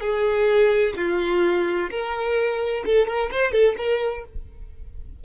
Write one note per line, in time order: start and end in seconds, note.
0.00 0.94 G#4
0.96 1.90 F4
1.90 2.84 A#4
2.85 3.07 A4
3.07 3.30 A#4
3.31 3.52 C5
3.52 3.75 A4
3.77 4.24 A#4